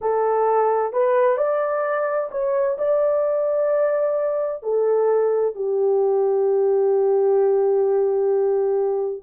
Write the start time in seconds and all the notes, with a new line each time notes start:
0.01 A4
0.92 B4
1.37 D5
2.31 C#5
2.78 D5
4.62 A4
5.55 G4